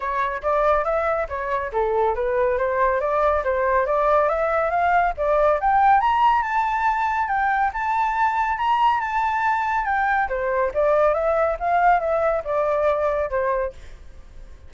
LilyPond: \new Staff \with { instrumentName = "flute" } { \time 4/4 \tempo 4 = 140 cis''4 d''4 e''4 cis''4 | a'4 b'4 c''4 d''4 | c''4 d''4 e''4 f''4 | d''4 g''4 ais''4 a''4~ |
a''4 g''4 a''2 | ais''4 a''2 g''4 | c''4 d''4 e''4 f''4 | e''4 d''2 c''4 | }